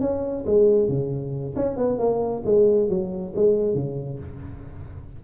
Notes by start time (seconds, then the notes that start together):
0.00 C#4
0.46 G#3
0.88 C#3
1.56 C#4
1.77 B3
1.98 A#3
2.45 G#3
2.89 F#3
3.35 G#3
3.74 C#3